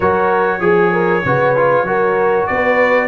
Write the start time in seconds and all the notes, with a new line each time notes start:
0.00 F#3 F#4 A#4 C#5
0.60 F3 G#4
0.92 A#4
1.24 C#3 F#4 B4
1.56 F4
1.83 F#3 F#4 A#4
2.46 B3 B4 D5